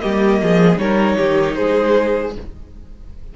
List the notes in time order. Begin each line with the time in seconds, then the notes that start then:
0.00 G3 A#3 G4 D#5
0.42 F3 G#4
0.78 G3 D#4 A#4 C#5
1.17 D#3 G4
1.55 G#3 G#4 C5